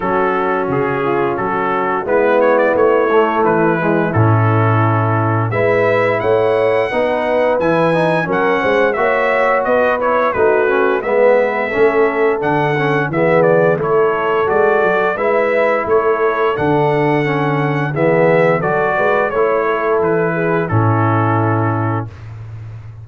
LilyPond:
<<
  \new Staff \with { instrumentName = "trumpet" } { \time 4/4 \tempo 4 = 87 a'4 gis'4 a'4 b'8 cis''16 d''16 | cis''4 b'4 a'2 | e''4 fis''2 gis''4 | fis''4 e''4 dis''8 cis''8 b'4 |
e''2 fis''4 e''8 d''8 | cis''4 d''4 e''4 cis''4 | fis''2 e''4 d''4 | cis''4 b'4 a'2 | }
  \new Staff \with { instrumentName = "horn" } { \time 4/4 fis'4. f'8 fis'4 e'4~ | e'1 | b'4 cis''4 b'2 | ais'8 c''8 cis''4 b'4 fis'4 |
b'4 a'2 gis'4 | a'2 b'4 a'4~ | a'2 gis'4 a'8 b'8 | cis''8 a'4 gis'8 e'2 | }
  \new Staff \with { instrumentName = "trombone" } { \time 4/4 cis'2. b4~ | b8 a4 gis8 cis'2 | e'2 dis'4 e'8 dis'8 | cis'4 fis'4. e'8 dis'8 cis'8 |
b4 cis'4 d'8 cis'8 b4 | e'4 fis'4 e'2 | d'4 cis'4 b4 fis'4 | e'2 cis'2 | }
  \new Staff \with { instrumentName = "tuba" } { \time 4/4 fis4 cis4 fis4 gis4 | a4 e4 a,2 | gis4 a4 b4 e4 | fis8 gis8 ais4 b4 a4 |
gis4 a4 d4 e4 | a4 gis8 fis8 gis4 a4 | d2 e4 fis8 gis8 | a4 e4 a,2 | }
>>